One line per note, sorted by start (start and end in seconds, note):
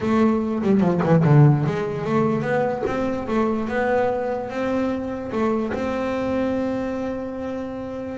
0.00 0.61 A3
0.62 0.80 G3
0.80 1.00 F3
1.03 1.24 E3
1.24 1.65 D3
1.66 2.04 G#3
2.04 2.42 A3
2.42 2.82 B3
2.86 3.27 C4
3.27 3.68 A3
3.68 4.49 B3
4.49 5.31 C4
5.32 5.73 A3
5.73 8.18 C4